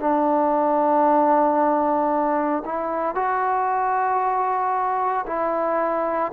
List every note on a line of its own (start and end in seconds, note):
0.00 2.63 D4
2.65 3.15 E4
3.15 5.25 F#4
5.27 6.32 E4